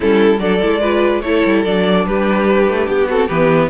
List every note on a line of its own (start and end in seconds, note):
0.00 0.39 G3
0.00 0.38 C#4
0.00 0.40 E4
0.00 0.39 A4
0.39 0.60 F#3
0.39 0.61 D4
0.39 0.80 A4
0.39 1.21 D5
0.61 1.22 G#3
0.61 0.82 E4
0.80 1.23 F4
0.80 1.21 B4
1.21 1.43 A3
1.21 1.65 E4
1.21 2.06 A4
1.21 1.62 C#5
1.45 1.65 G3
1.65 2.06 F#3
1.65 3.09 D4
1.65 2.06 D5
2.06 2.67 G3
2.06 3.08 G4
2.06 2.88 B4
2.67 2.87 A3
2.87 3.28 B3
2.87 3.09 G4
3.08 3.29 C4
3.08 3.27 F#4
3.08 3.28 A4
3.27 3.70 E3
3.27 3.70 B3
3.27 3.68 G4
3.27 3.69 B4